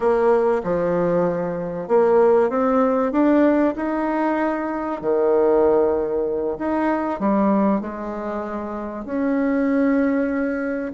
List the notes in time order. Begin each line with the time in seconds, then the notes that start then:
0.00 A#3
0.63 F3
1.88 A#3
2.49 C4
3.12 D4
3.76 D#4
5.01 D#3
6.58 D#4
7.19 G3
7.80 G#3
9.05 C#4